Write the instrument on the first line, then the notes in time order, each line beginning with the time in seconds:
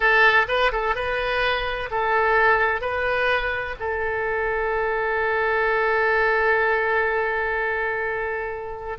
oboe
0.00 A4
0.47 B4
0.72 A4
0.95 B4
1.90 A4
2.81 B4
3.79 A4